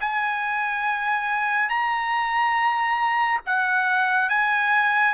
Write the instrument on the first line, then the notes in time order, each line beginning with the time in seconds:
trumpet
0.00 G#5
1.69 A#5
3.46 F#5
4.29 G#5